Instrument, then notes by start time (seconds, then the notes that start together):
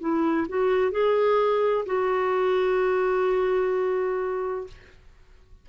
clarinet
0.00 E4
0.48 F#4
0.91 G#4
1.85 F#4